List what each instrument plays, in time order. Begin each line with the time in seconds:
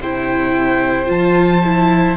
0.00 cello C3, viola E4, violin C5 G5
1.06 cello F3, viola F4, violin A5
1.64 viola E4